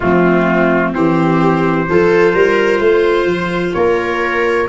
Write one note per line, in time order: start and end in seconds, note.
0.00 0.94 F3
0.00 0.93 A3
0.00 0.95 C4
0.00 0.92 F4
0.93 1.88 E3
0.93 1.87 C4
0.93 1.89 G4
0.93 3.73 C5
1.88 2.33 F3
1.88 4.69 F4
1.88 2.34 A4
2.33 2.79 G3
2.33 2.80 A#4
2.79 3.25 A3
2.79 3.74 C5
3.25 3.72 F3
3.73 4.68 A#3
3.73 4.69 A#4
3.73 4.67 C#5